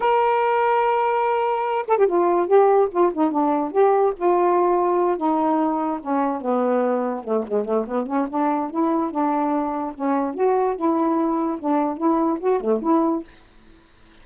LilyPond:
\new Staff \with { instrumentName = "saxophone" } { \time 4/4 \tempo 4 = 145 ais'1~ | ais'8 a'16 g'16 f'4 g'4 f'8 dis'8 | d'4 g'4 f'2~ | f'8 dis'2 cis'4 b8~ |
b4. a8 gis8 a8 b8 cis'8 | d'4 e'4 d'2 | cis'4 fis'4 e'2 | d'4 e'4 fis'8 a8 e'4 | }